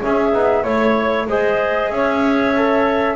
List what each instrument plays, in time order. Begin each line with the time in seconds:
0.00 trombone C#4, double bass C#4, clarinet G#4, flute E5
0.32 double bass B3, trombone D#4
0.63 double bass A3, trombone E4, flute C#5, clarinet C#5
1.27 double bass G#3, trombone G#4, clarinet C5, flute D#5
1.90 double bass C#4, clarinet C#5, flute E5
2.55 trombone A4